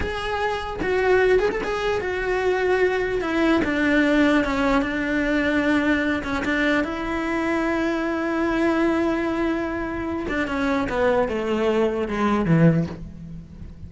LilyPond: \new Staff \with { instrumentName = "cello" } { \time 4/4 \tempo 4 = 149 gis'2 fis'4. gis'16 a'16 | gis'4 fis'2. | e'4 d'2 cis'4 | d'2.~ d'8 cis'8 |
d'4 e'2.~ | e'1~ | e'4. d'8 cis'4 b4 | a2 gis4 e4 | }